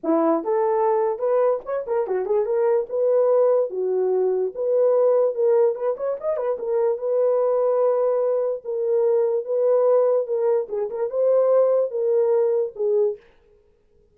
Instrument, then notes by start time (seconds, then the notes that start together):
horn
0.03 E4
0.44 A4
1.18 B4
1.65 C#5
1.86 A#4
2.07 F#4
2.25 G#4
2.45 A#4
2.89 B4
3.70 F#4
4.54 B4
5.34 A#4
5.75 B4
5.96 C#5
6.20 D#5
6.36 B4
6.58 A#4
6.98 B4
8.64 A#4
9.44 B4
10.26 A#4
10.68 G#4
10.90 A#4
11.10 C5
11.90 A#4
12.75 G#4